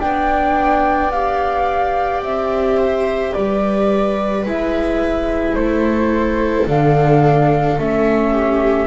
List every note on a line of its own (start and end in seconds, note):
0.00 2.22 B3
0.00 1.12 D4
0.00 2.78 D5
0.00 1.11 G5
1.11 4.46 G4
1.11 2.22 F5
2.22 3.33 C4
2.22 3.33 E5
2.78 3.32 C5
3.32 4.46 G3
3.32 5.54 B4
3.32 4.44 D5
4.46 5.55 G#3
4.46 6.68 E4
4.46 5.55 E5
5.55 6.66 A3
5.55 8.32 A4
5.55 6.66 C5
6.67 7.78 D3
6.67 7.79 D4
6.67 7.80 F5
7.78 8.87 A3
7.78 8.87 C#4
7.78 8.87 E5
8.32 8.87 G4